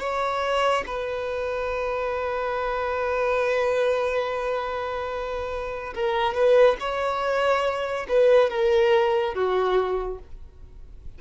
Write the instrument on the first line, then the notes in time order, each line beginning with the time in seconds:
violin
0.00 C#5
0.87 B4
5.95 A#4
6.35 B4
6.80 C#5
8.09 B4
8.50 A#4
9.35 F#4